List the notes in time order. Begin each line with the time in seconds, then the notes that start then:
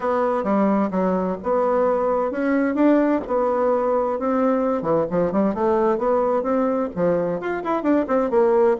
0.00 B3
0.43 G3
0.91 F#3
1.43 B3
2.31 C#4
2.74 D4
3.27 B3
4.19 C4
4.81 E3
5.10 F3
5.32 G3
5.54 A3
5.98 B3
6.43 C4
6.95 F3
7.40 F4
7.63 E4
7.82 D4
8.07 C4
8.30 A#3